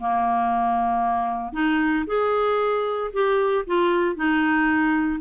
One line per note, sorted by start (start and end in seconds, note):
0.00 1.53 A#3
1.53 2.05 D#4
2.07 3.11 G#4
3.13 3.65 G4
3.66 4.16 F4
4.16 5.20 D#4